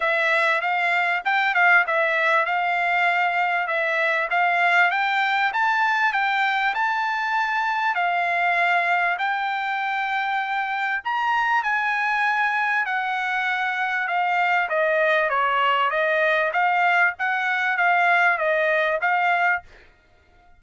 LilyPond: \new Staff \with { instrumentName = "trumpet" } { \time 4/4 \tempo 4 = 98 e''4 f''4 g''8 f''8 e''4 | f''2 e''4 f''4 | g''4 a''4 g''4 a''4~ | a''4 f''2 g''4~ |
g''2 ais''4 gis''4~ | gis''4 fis''2 f''4 | dis''4 cis''4 dis''4 f''4 | fis''4 f''4 dis''4 f''4 | }